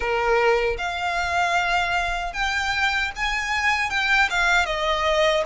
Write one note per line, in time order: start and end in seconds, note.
0.00 0.76 A#4
0.78 2.33 F5
2.33 3.11 G5
3.16 3.90 G#5
3.90 4.29 G5
4.30 4.65 F5
4.65 5.43 D#5